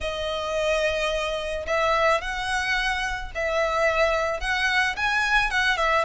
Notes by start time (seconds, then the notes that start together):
0.01 D#5
1.66 E5
2.21 F#5
3.35 E5
4.40 F#5
4.96 G#5
5.50 F#5
5.77 E5